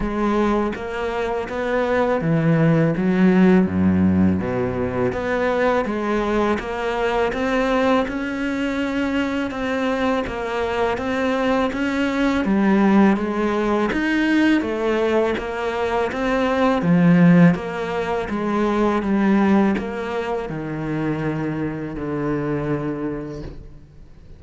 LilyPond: \new Staff \with { instrumentName = "cello" } { \time 4/4 \tempo 4 = 82 gis4 ais4 b4 e4 | fis4 fis,4 b,4 b4 | gis4 ais4 c'4 cis'4~ | cis'4 c'4 ais4 c'4 |
cis'4 g4 gis4 dis'4 | a4 ais4 c'4 f4 | ais4 gis4 g4 ais4 | dis2 d2 | }